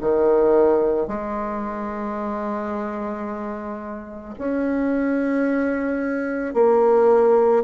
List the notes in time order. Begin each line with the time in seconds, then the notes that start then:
0.00 D#3
1.07 G#3
4.38 C#4
6.54 A#3